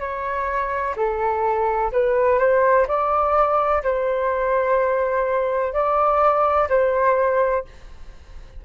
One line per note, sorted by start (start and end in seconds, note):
0.00 0.95 C#5
0.97 1.92 A4
1.93 2.39 B4
2.39 2.87 C5
2.88 3.84 D5
3.84 5.74 C5
5.74 6.69 D5
6.70 7.65 C5